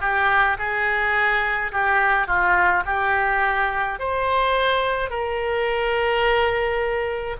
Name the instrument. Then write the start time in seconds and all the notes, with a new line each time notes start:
oboe
0.00 G4
0.58 G#4
1.71 G4
2.27 F4
2.86 G4
3.99 C5
5.09 A#4